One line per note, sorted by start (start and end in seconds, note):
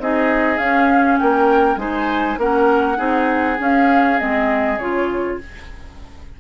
0.00 0.58 C4
0.00 0.59 D#4
0.00 1.20 G#4
0.00 0.58 D#5
0.58 1.19 C#4
0.58 1.78 C#4
0.58 1.18 F5
1.19 1.77 A#3
1.19 1.80 A#4
1.19 1.79 G5
1.77 2.37 G#3
1.77 2.38 D#4
1.77 2.40 C5
1.77 2.39 G#5
2.38 2.98 A#3
2.38 2.97 C#4
2.38 2.98 A#4
2.38 3.61 F#5
2.97 3.59 C4
2.97 3.57 D#4
2.97 5.38 G#4
3.59 4.18 C#4
3.59 4.20 C#4
3.59 4.19 F5
4.18 4.79 G#3
4.18 4.78 C4
4.18 4.79 D#5
4.79 5.39 C#3
4.79 5.41 F4
4.79 5.39 C#5